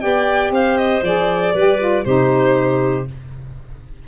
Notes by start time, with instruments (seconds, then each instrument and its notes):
0.00 tuba B3, saxophone G4, clarinet D5, violin G5
0.51 tuba C4, clarinet C5, violin F5
0.78 violin D#5
1.02 tuba F3, saxophone G#4, violin D5
1.53 tuba G3, saxophone G4, clarinet B4
1.78 saxophone F4
2.04 tuba C3, saxophone D#4, clarinet G4, violin C5